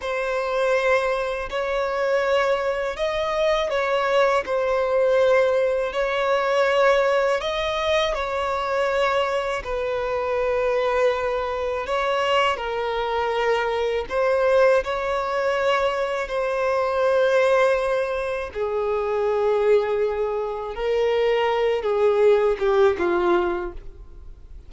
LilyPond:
\new Staff \with { instrumentName = "violin" } { \time 4/4 \tempo 4 = 81 c''2 cis''2 | dis''4 cis''4 c''2 | cis''2 dis''4 cis''4~ | cis''4 b'2. |
cis''4 ais'2 c''4 | cis''2 c''2~ | c''4 gis'2. | ais'4. gis'4 g'8 f'4 | }